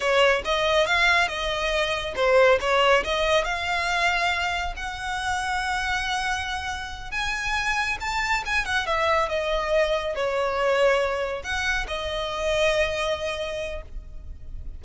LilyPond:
\new Staff \with { instrumentName = "violin" } { \time 4/4 \tempo 4 = 139 cis''4 dis''4 f''4 dis''4~ | dis''4 c''4 cis''4 dis''4 | f''2. fis''4~ | fis''1~ |
fis''8 gis''2 a''4 gis''8 | fis''8 e''4 dis''2 cis''8~ | cis''2~ cis''8 fis''4 dis''8~ | dis''1 | }